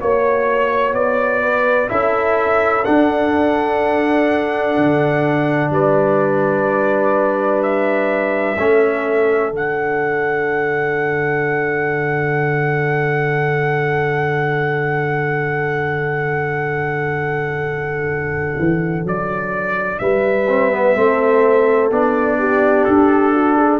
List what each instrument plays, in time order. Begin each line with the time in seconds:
0.00 tuba A#3, trombone F#4, trumpet C#5, horn C#5
0.93 tuba B3, trumpet D5
1.42 horn B4
1.89 tuba C#4, trombone E4, horn A4, trumpet E5
2.85 trombone D4, tuba D4, trumpet F#5
4.77 tuba D3
5.70 tuba G3, horn B4, trumpet D5
7.62 trumpet E5
8.57 tuba A3, trombone C#4, horn A4
9.51 tuba D3, trombone D4, trumpet F#5
18.59 tuba E3
19.04 tuba F#3, trumpet D5
19.99 tuba G3, horn B4, trumpet E5
20.48 trombone C4
20.72 trombone B3
20.95 tuba A3, trombone C4, horn A4
21.90 tuba B3, trombone D4, trumpet D5
22.39 horn G4
22.84 tuba D4, trumpet A4
23.34 horn F#4
23.56 horn G#4